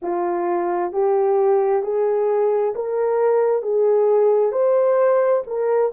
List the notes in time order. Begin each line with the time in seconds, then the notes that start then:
0.02 F4
0.92 G4
1.83 G#4
2.75 A#4
3.62 G#4
4.52 C5
5.46 A#4